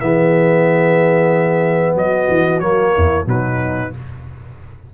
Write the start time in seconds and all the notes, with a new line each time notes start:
0.00 E3 B3 G#4 E5
1.95 F#3 F#4 D#5
2.29 E3
2.59 F#3 A#3 C#5
2.93 E2 E4
3.25 B2 F#3 D#4 B4